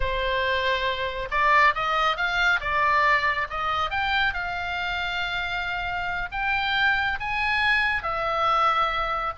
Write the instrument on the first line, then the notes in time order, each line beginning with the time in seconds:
oboe
0.00 C5
1.30 D5
1.74 D#5
2.16 F5
2.60 D5
3.49 D#5
3.90 G5
4.33 F5
6.31 G5
7.20 G#5
8.03 E5